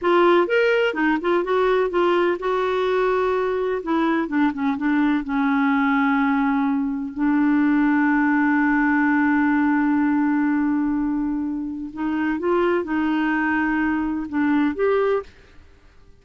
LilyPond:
\new Staff \with { instrumentName = "clarinet" } { \time 4/4 \tempo 4 = 126 f'4 ais'4 dis'8 f'8 fis'4 | f'4 fis'2. | e'4 d'8 cis'8 d'4 cis'4~ | cis'2. d'4~ |
d'1~ | d'1~ | d'4 dis'4 f'4 dis'4~ | dis'2 d'4 g'4 | }